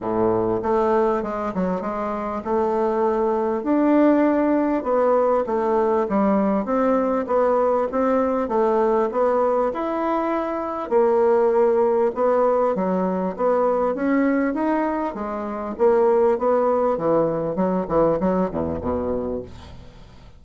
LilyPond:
\new Staff \with { instrumentName = "bassoon" } { \time 4/4 \tempo 4 = 99 a,4 a4 gis8 fis8 gis4 | a2 d'2 | b4 a4 g4 c'4 | b4 c'4 a4 b4 |
e'2 ais2 | b4 fis4 b4 cis'4 | dis'4 gis4 ais4 b4 | e4 fis8 e8 fis8 e,8 b,4 | }